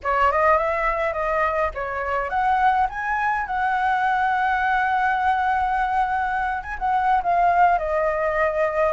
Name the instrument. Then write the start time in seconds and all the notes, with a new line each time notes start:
flute
0.03 C#5
0.31 D#5
0.57 E5
1.13 D#5
1.74 C#5
2.29 F#5
2.89 G#5
3.46 F#5
6.63 G#5
6.78 F#5
7.22 F5
7.78 D#5